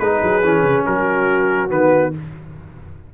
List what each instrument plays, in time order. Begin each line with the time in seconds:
0.00 tuba G#3, trombone D#4, horn G#4, trumpet B4
0.23 tuba F#3
0.43 tuba E3, trombone C#4
0.63 tuba C#3
0.86 tuba F#3, horn F#4, trumpet A#4
1.70 tuba D#3, trombone B3, trumpet B4